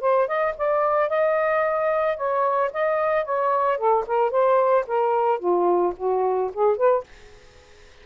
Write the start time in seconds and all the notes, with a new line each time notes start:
0.00 C5
0.27 D#5
0.57 D5
1.09 D#5
2.16 C#5
2.73 D#5
3.24 C#5
3.77 A4
4.06 A#4
4.30 C5
4.87 A#4
5.39 F4
5.96 F#4
6.53 G#4
6.76 B4